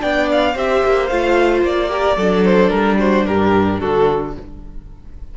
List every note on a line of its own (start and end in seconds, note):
0.00 0.56 B3
0.00 0.54 D4
0.00 0.55 D5
0.00 0.29 G5
0.32 0.58 F5
0.55 0.83 C4
0.55 1.10 G4
0.55 1.90 C5
0.55 1.07 E5
0.85 1.11 A#3
1.07 1.62 A3
1.07 1.90 F4
1.07 1.61 F5
1.62 2.16 A#3
1.62 2.45 D5
1.90 2.17 G4
1.90 2.17 A#4
2.17 2.71 F#3
2.17 4.37 D4
2.17 2.98 A4
2.45 2.70 C5
2.70 3.26 G3
2.70 2.97 A#4
2.99 3.26 F#4
2.99 3.27 C5
3.27 3.81 G2
3.27 3.80 G4
3.27 3.80 A#4
3.80 4.37 D3
3.80 4.34 F#4
3.80 4.34 A4